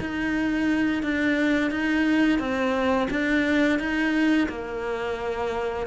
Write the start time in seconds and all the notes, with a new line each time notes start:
0.00 D#4
1.02 D4
1.71 D#4
2.39 C4
3.10 D4
3.79 D#4
4.48 A#3